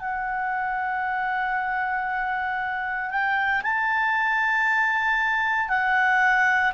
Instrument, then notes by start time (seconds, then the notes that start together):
clarinet
0.00 F#5
3.10 G5
3.63 A5
5.69 F#5